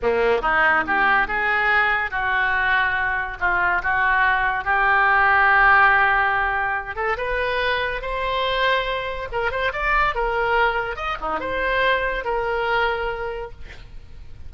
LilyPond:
\new Staff \with { instrumentName = "oboe" } { \time 4/4 \tempo 4 = 142 ais4 dis'4 g'4 gis'4~ | gis'4 fis'2. | f'4 fis'2 g'4~ | g'1~ |
g'8 a'8 b'2 c''4~ | c''2 ais'8 c''8 d''4 | ais'2 dis''8 dis'8 c''4~ | c''4 ais'2. | }